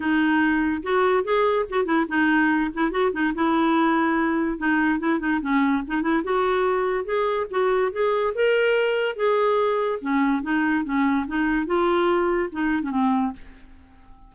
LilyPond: \new Staff \with { instrumentName = "clarinet" } { \time 4/4 \tempo 4 = 144 dis'2 fis'4 gis'4 | fis'8 e'8 dis'4. e'8 fis'8 dis'8 | e'2. dis'4 | e'8 dis'8 cis'4 dis'8 e'8 fis'4~ |
fis'4 gis'4 fis'4 gis'4 | ais'2 gis'2 | cis'4 dis'4 cis'4 dis'4 | f'2 dis'8. cis'16 c'4 | }